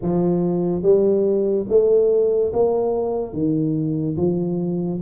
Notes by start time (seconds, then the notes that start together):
0.02 F3
0.82 G3
1.69 A3
2.52 A#3
3.33 D#3
4.17 F3